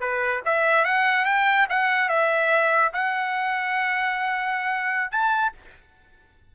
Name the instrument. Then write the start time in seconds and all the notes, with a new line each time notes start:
trumpet
0.00 B4
0.45 E5
0.85 F#5
1.25 G5
1.70 F#5
2.09 E5
2.93 F#5
5.11 A5